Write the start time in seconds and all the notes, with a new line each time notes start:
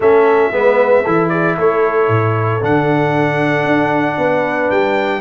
0.00 A3 C#4 A4 E5
0.51 G#3 B3 B4
1.03 E3 E4 A4
1.28 G#4 D5
1.57 A3 A4 C#5
2.08 A2
2.61 D3 D4 F#5
3.64 D4
4.17 B3 B4
4.70 G3 G5